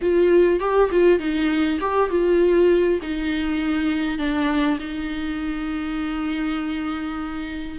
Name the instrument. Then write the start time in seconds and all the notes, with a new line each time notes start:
viola
0.01 F4
0.60 G4
0.91 F4
1.19 D#4
1.80 G4
2.10 F4
3.02 D#4
4.18 D4
4.79 D#4